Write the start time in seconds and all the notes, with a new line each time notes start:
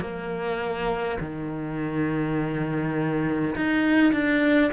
0.00 A#3
1.20 D#3
3.55 D#4
4.12 D4